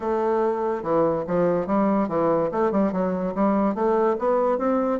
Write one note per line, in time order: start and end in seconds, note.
0.00 0.82 A3
0.82 1.24 E3
1.27 1.67 F3
1.67 2.08 G3
2.08 2.50 E3
2.51 2.71 A3
2.71 2.92 G3
2.92 3.34 F#3
3.34 3.74 G3
3.74 4.16 A3
4.19 4.57 B3
4.57 4.99 C4